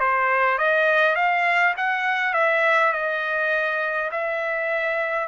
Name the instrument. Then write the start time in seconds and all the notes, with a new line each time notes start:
trumpet
0.00 C5
0.59 D#5
1.16 F5
1.77 F#5
2.34 E5
2.93 D#5
4.12 E5